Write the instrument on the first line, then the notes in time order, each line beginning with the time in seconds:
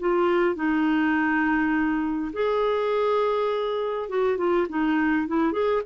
clarinet
0.00 F4
0.56 D#4
2.33 G#4
4.09 F#4
4.38 F4
4.70 D#4
5.28 E4
5.53 G#4